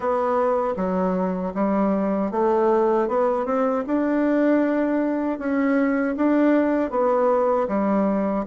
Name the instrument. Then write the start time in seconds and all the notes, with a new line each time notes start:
bassoon
0.00 B3
0.76 F#3
1.54 G3
2.31 A3
3.08 B3
3.45 C4
3.87 D4
5.38 C#4
6.16 D4
6.90 B3
7.68 G3